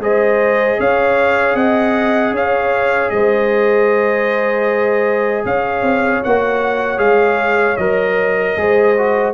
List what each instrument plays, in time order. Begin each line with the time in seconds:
0.00 tuba G#3, trombone G#4, horn C5, trumpet D#5
0.80 tuba C#4, horn C#5, trumpet F5
1.55 tuba C4, horn D#5, trumpet F#5
2.32 tuba C#4, horn C#5, trumpet F5
3.10 tuba G#3, horn C5, trumpet D#5
5.46 tuba C#4, horn C#5, trumpet F5
5.83 tuba C4
6.24 tuba A#3, trombone F#4, trumpet F#5
6.98 tuba G#3, trombone G#4, trumpet F5
7.77 tuba F#3, trombone A#4, trumpet D#5
8.57 tuba G#3, trombone G#4, horn C5
8.98 trombone F#4